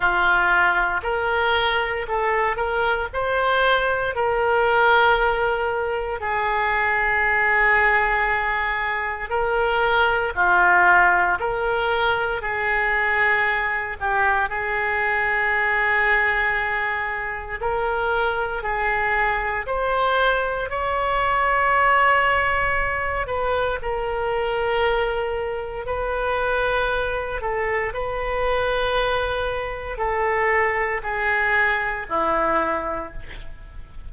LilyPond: \new Staff \with { instrumentName = "oboe" } { \time 4/4 \tempo 4 = 58 f'4 ais'4 a'8 ais'8 c''4 | ais'2 gis'2~ | gis'4 ais'4 f'4 ais'4 | gis'4. g'8 gis'2~ |
gis'4 ais'4 gis'4 c''4 | cis''2~ cis''8 b'8 ais'4~ | ais'4 b'4. a'8 b'4~ | b'4 a'4 gis'4 e'4 | }